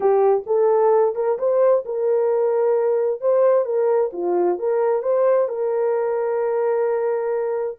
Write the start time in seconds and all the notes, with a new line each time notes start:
0.00 G4
0.46 A4
1.15 A#4
1.38 C5
1.85 A#4
3.21 C5
3.65 A#4
4.13 F4
4.58 A#4
5.02 C5
5.48 A#4